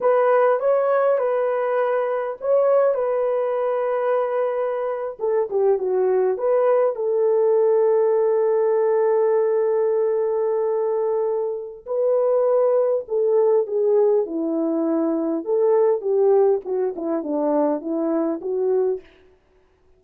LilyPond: \new Staff \with { instrumentName = "horn" } { \time 4/4 \tempo 4 = 101 b'4 cis''4 b'2 | cis''4 b'2.~ | b'8. a'8 g'8 fis'4 b'4 a'16~ | a'1~ |
a'1 | b'2 a'4 gis'4 | e'2 a'4 g'4 | fis'8 e'8 d'4 e'4 fis'4 | }